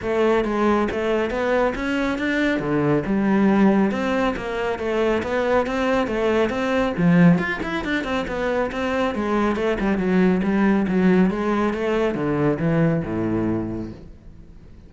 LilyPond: \new Staff \with { instrumentName = "cello" } { \time 4/4 \tempo 4 = 138 a4 gis4 a4 b4 | cis'4 d'4 d4 g4~ | g4 c'4 ais4 a4 | b4 c'4 a4 c'4 |
f4 f'8 e'8 d'8 c'8 b4 | c'4 gis4 a8 g8 fis4 | g4 fis4 gis4 a4 | d4 e4 a,2 | }